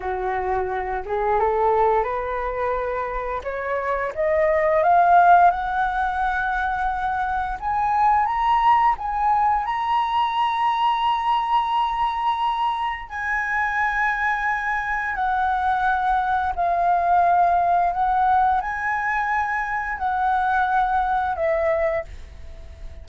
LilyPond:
\new Staff \with { instrumentName = "flute" } { \time 4/4 \tempo 4 = 87 fis'4. gis'8 a'4 b'4~ | b'4 cis''4 dis''4 f''4 | fis''2. gis''4 | ais''4 gis''4 ais''2~ |
ais''2. gis''4~ | gis''2 fis''2 | f''2 fis''4 gis''4~ | gis''4 fis''2 e''4 | }